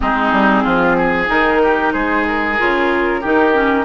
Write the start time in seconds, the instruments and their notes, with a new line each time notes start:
0.00 bassoon G#3, clarinet C4, oboe D#4, flute G#4
0.32 bassoon G3
0.63 bassoon F3, oboe F4
0.97 oboe G#4
1.26 bassoon D#3, clarinet D#4, flute A#4
1.62 oboe G4
1.92 bassoon G#3, oboe G#4, flute C5
2.27 flute A#4
2.58 bassoon C#3, clarinet F4
3.20 bassoon D#3, clarinet D#4, oboe G4
3.53 clarinet C#4